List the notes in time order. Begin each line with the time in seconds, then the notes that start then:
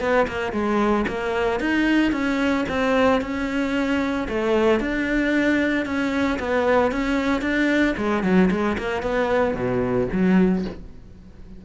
0.00 B3
0.28 A#3
0.53 G#3
1.08 A#3
1.60 D#4
2.12 C#4
2.69 C4
3.21 C#4
4.29 A3
4.80 D4
5.86 C#4
6.39 B3
6.92 C#4
7.42 D4
7.97 G#3
8.23 F#3
8.51 G#3
8.78 A#3
9.03 B3
9.55 B2
10.12 F#3